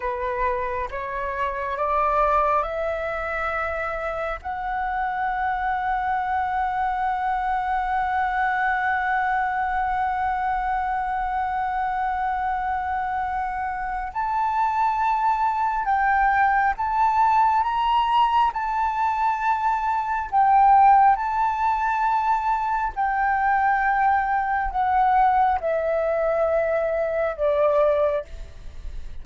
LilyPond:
\new Staff \with { instrumentName = "flute" } { \time 4/4 \tempo 4 = 68 b'4 cis''4 d''4 e''4~ | e''4 fis''2.~ | fis''1~ | fis''1 |
a''2 g''4 a''4 | ais''4 a''2 g''4 | a''2 g''2 | fis''4 e''2 d''4 | }